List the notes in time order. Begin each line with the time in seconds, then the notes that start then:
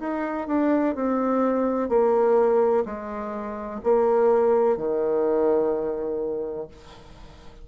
0.00 D#4
0.48 D4
0.95 C4
1.89 A#3
2.86 G#3
3.84 A#3
4.77 D#3